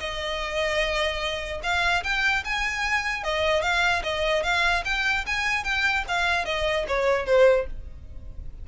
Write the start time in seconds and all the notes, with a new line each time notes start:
0.00 D#5
1.63 F5
2.04 G5
2.45 G#5
3.24 D#5
3.63 F5
4.04 D#5
4.44 F5
4.85 G5
5.27 G#5
5.65 G5
6.08 F5
6.46 D#5
6.88 C#5
7.26 C5